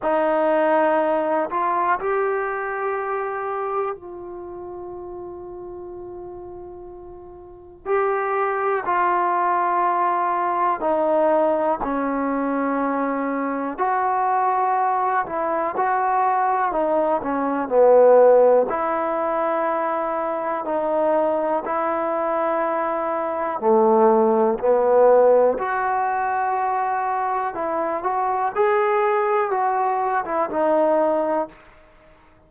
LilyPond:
\new Staff \with { instrumentName = "trombone" } { \time 4/4 \tempo 4 = 61 dis'4. f'8 g'2 | f'1 | g'4 f'2 dis'4 | cis'2 fis'4. e'8 |
fis'4 dis'8 cis'8 b4 e'4~ | e'4 dis'4 e'2 | a4 b4 fis'2 | e'8 fis'8 gis'4 fis'8. e'16 dis'4 | }